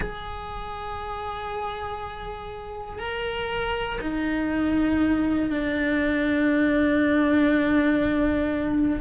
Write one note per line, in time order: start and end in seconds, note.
0.00 2.99 G#4
2.99 3.99 A#4
4.00 5.50 D#4
5.50 9.00 D4